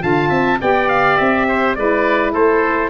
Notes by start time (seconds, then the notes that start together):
0.00 D3 F4 F5 A5
0.29 C4 E5
0.61 B3 G4 D5 G5
0.89 F5
1.17 C4 E5
1.48 C5
1.75 G#3 E4 B4 D5
2.33 A3 A4 C5